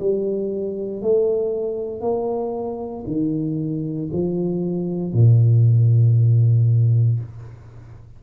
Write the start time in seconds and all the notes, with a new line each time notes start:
0.00 G3
1.03 A3
2.02 A#3
3.07 D#3
4.13 F3
5.13 A#2